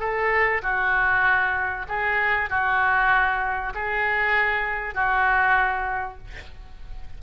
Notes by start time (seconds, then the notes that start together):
0.00 A4
0.63 F#4
1.89 G#4
2.50 F#4
3.75 G#4
4.95 F#4